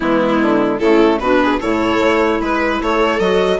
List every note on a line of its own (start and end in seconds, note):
0.00 0.40 E3
0.00 0.81 G#3
0.00 0.78 B3
0.00 0.78 E4
0.41 0.80 D3
0.78 1.19 C#3
0.78 1.22 A3
0.78 1.19 E4
0.78 1.18 A4
1.19 1.59 B2
1.19 1.61 D4
1.19 1.41 F#4
1.19 1.59 B4
1.42 1.59 G#4
1.59 1.99 A2
1.59 3.20 E4
1.59 2.39 A4
1.59 2.41 C#5
1.99 2.39 A3
2.41 2.81 G#3
2.41 2.81 B4
2.41 2.82 B4
2.81 3.19 A3
2.81 3.59 A4
2.81 3.19 C#5
3.19 3.59 F#3
3.19 3.59 F#4
3.19 3.59 D#5